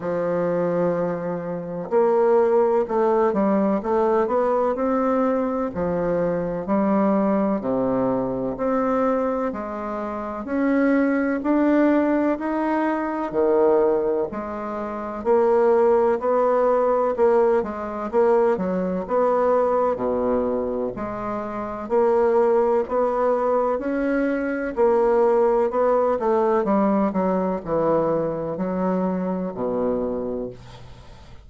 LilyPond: \new Staff \with { instrumentName = "bassoon" } { \time 4/4 \tempo 4 = 63 f2 ais4 a8 g8 | a8 b8 c'4 f4 g4 | c4 c'4 gis4 cis'4 | d'4 dis'4 dis4 gis4 |
ais4 b4 ais8 gis8 ais8 fis8 | b4 b,4 gis4 ais4 | b4 cis'4 ais4 b8 a8 | g8 fis8 e4 fis4 b,4 | }